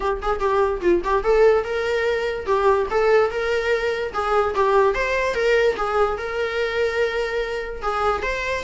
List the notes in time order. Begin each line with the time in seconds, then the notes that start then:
0.00 G4
0.22 G#4
0.39 G4
0.81 F4
1.03 G4
1.23 A4
1.63 A#4
2.45 G4
2.90 A4
3.30 A#4
4.13 G#4
4.54 G4
4.94 C5
5.34 A#4
5.76 G#4
6.17 A#4
7.82 G#4
8.22 C5